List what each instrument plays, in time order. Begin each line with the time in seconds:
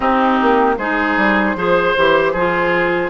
0.00 bassoon C4, clarinet C4, oboe D#4, flute G4
0.41 bassoon A#3
0.77 bassoon G#3, clarinet D#4, oboe G#4, flute C5
1.16 bassoon G3
1.55 bassoon F3, clarinet G#4, oboe C5
1.96 bassoon E3, clarinet G4
2.32 bassoon F3, clarinet F4, oboe G#4